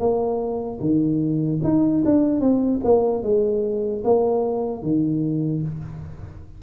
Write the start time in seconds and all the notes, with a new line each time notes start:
0.00 A#3
0.80 D#3
1.64 D#4
2.05 D4
2.41 C4
2.84 A#3
3.23 G#3
4.04 A#3
4.83 D#3